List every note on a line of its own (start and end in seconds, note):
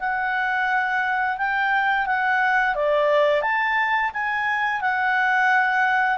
0.00 1.38 F#5
1.38 2.07 G5
2.07 2.75 F#5
2.75 3.42 D5
3.42 4.11 A5
4.14 4.82 G#5
4.82 6.19 F#5